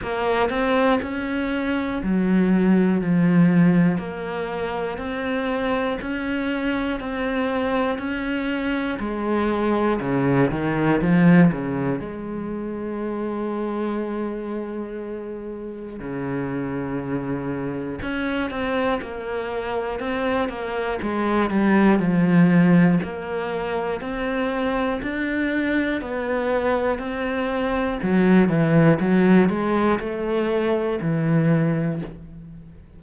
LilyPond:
\new Staff \with { instrumentName = "cello" } { \time 4/4 \tempo 4 = 60 ais8 c'8 cis'4 fis4 f4 | ais4 c'4 cis'4 c'4 | cis'4 gis4 cis8 dis8 f8 cis8 | gis1 |
cis2 cis'8 c'8 ais4 | c'8 ais8 gis8 g8 f4 ais4 | c'4 d'4 b4 c'4 | fis8 e8 fis8 gis8 a4 e4 | }